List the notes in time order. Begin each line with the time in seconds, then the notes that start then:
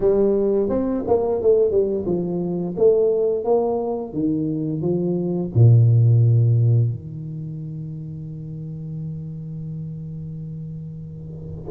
0.00 G3
0.69 C4
1.07 A#3
1.41 A3
1.71 G3
2.06 F3
2.76 A3
3.44 A#3
4.13 D#3
4.81 F3
5.54 A#2
6.90 D#3